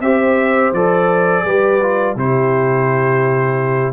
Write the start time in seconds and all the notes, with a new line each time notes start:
0.00 C4 G4 C5 E5
0.72 F3 A4 D5
1.44 G3 G4 B4
1.82 F4
2.15 C3 E4 G4 C5